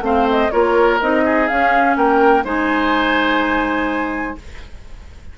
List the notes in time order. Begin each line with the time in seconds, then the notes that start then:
0.00 A3 C4 C5 F5
0.30 D#5
0.51 A#3 F4 A#4 C#5
1.01 C4 D#4 D#5
1.24 G#4
1.47 C#4 F5
1.96 A#3 A#4 G5
2.44 G#3 D#4 C5 G#5